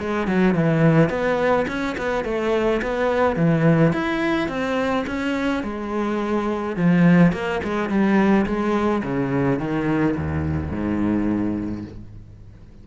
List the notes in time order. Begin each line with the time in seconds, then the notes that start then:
0.00 G#3
0.27 F#3
0.54 E3
1.10 B3
1.68 C#4
1.98 B3
2.25 A3
2.82 B3
3.36 E3
3.93 E4
4.49 C4
5.07 C#4
5.63 G#3
6.77 F3
7.33 A#3
7.64 G#3
7.89 G3
8.46 G#3
9.03 C#3
9.59 D#3
10.17 D#2
10.72 G#2